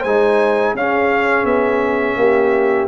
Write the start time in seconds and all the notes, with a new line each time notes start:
0.00 G#3 D#4 C5 G#5
0.74 C#4 G#4 F5
1.44 B3 E5
2.17 A#3 G4